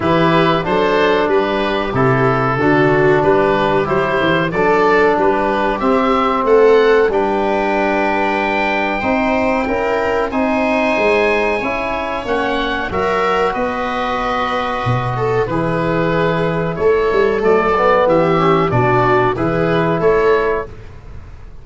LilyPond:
<<
  \new Staff \with { instrumentName = "oboe" } { \time 4/4 \tempo 4 = 93 b'4 c''4 b'4 a'4~ | a'4 b'4 c''4 d''4 | b'4 e''4 fis''4 g''4~ | g''1 |
gis''2. fis''4 | e''4 dis''2. | b'2 cis''4 d''4 | e''4 d''4 b'4 cis''4 | }
  \new Staff \with { instrumentName = "viola" } { \time 4/4 g'4 a'4 g'2 | fis'4 g'2 a'4 | g'2 a'4 b'4~ | b'2 c''4 ais'4 |
c''2 cis''2 | ais'4 b'2~ b'8 a'8 | gis'2 a'2 | g'4 fis'4 gis'4 a'4 | }
  \new Staff \with { instrumentName = "trombone" } { \time 4/4 e'4 d'2 e'4 | d'2 e'4 d'4~ | d'4 c'2 d'4~ | d'2 dis'4 e'4 |
dis'2 e'4 cis'4 | fis'1 | e'2. a8 b8~ | b8 cis'8 d'4 e'2 | }
  \new Staff \with { instrumentName = "tuba" } { \time 4/4 e4 fis4 g4 c4 | d4 g4 fis8 e8 fis4 | g4 c'4 a4 g4~ | g2 c'4 cis'4 |
c'4 gis4 cis'4 ais4 | fis4 b2 b,4 | e2 a8 g8 fis4 | e4 b,4 e4 a4 | }
>>